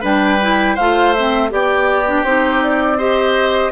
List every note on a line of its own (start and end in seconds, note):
0.00 0.77 G3
0.00 0.39 D4
0.00 0.74 B4
0.00 0.76 G5
0.41 0.78 E4
0.74 1.52 A3
0.74 1.16 F4
0.74 1.48 C5
0.74 1.13 F5
1.13 1.49 C4
1.13 1.50 E5
1.49 2.23 B3
1.49 2.05 G4
1.49 2.97 G4
1.49 2.24 D5
2.06 2.24 D4
2.23 3.71 C4
2.23 2.98 D#4
2.23 2.61 C5
2.62 2.98 D5
2.97 3.71 G4
2.97 3.71 C5
2.97 3.71 D#5